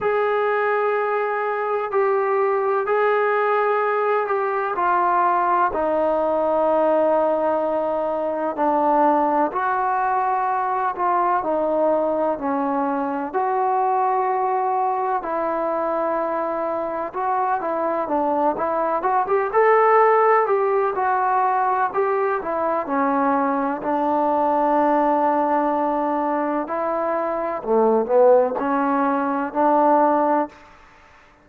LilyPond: \new Staff \with { instrumentName = "trombone" } { \time 4/4 \tempo 4 = 63 gis'2 g'4 gis'4~ | gis'8 g'8 f'4 dis'2~ | dis'4 d'4 fis'4. f'8 | dis'4 cis'4 fis'2 |
e'2 fis'8 e'8 d'8 e'8 | fis'16 g'16 a'4 g'8 fis'4 g'8 e'8 | cis'4 d'2. | e'4 a8 b8 cis'4 d'4 | }